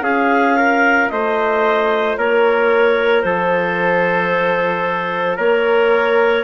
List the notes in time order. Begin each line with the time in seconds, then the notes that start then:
0.00 C#4 F4 G#4 F5
0.57 A#4
1.09 A3 C5 D#5
2.17 A#3 A#4 C#5
3.22 F3 A4 C5
5.37 A#3 A#4 C#5